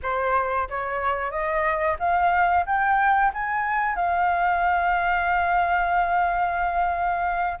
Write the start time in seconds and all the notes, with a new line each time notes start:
0.02 C5
0.69 C#5
1.30 D#5
1.99 F5
2.66 G5
3.33 G#5
3.95 F5